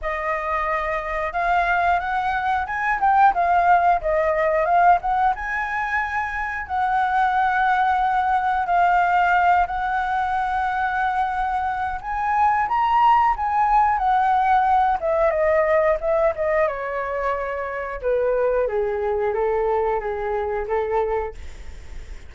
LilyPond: \new Staff \with { instrumentName = "flute" } { \time 4/4 \tempo 4 = 90 dis''2 f''4 fis''4 | gis''8 g''8 f''4 dis''4 f''8 fis''8 | gis''2 fis''2~ | fis''4 f''4. fis''4.~ |
fis''2 gis''4 ais''4 | gis''4 fis''4. e''8 dis''4 | e''8 dis''8 cis''2 b'4 | gis'4 a'4 gis'4 a'4 | }